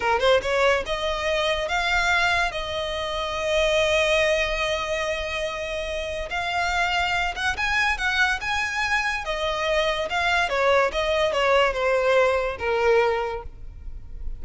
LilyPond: \new Staff \with { instrumentName = "violin" } { \time 4/4 \tempo 4 = 143 ais'8 c''8 cis''4 dis''2 | f''2 dis''2~ | dis''1~ | dis''2. f''4~ |
f''4. fis''8 gis''4 fis''4 | gis''2 dis''2 | f''4 cis''4 dis''4 cis''4 | c''2 ais'2 | }